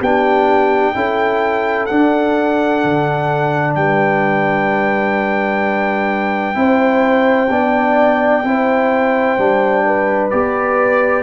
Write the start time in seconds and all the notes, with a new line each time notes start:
0.00 B3 D4 G4 G5
0.95 C#4 E4 A4
1.86 D4 F#5
2.84 D3
3.75 G3 B4 G5
6.55 C4 E4 C5
7.50 B3 D4 D5
8.44 C4 E4 C5
9.38 G3 D4
9.86 B4
10.31 B3 G4 D5